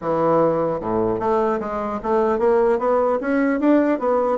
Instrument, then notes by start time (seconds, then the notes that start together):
bassoon
0.01 E3
0.80 A2
1.19 A3
1.60 G#3
2.02 A3
2.39 A#3
2.78 B3
3.20 C#4
3.59 D4
3.99 B3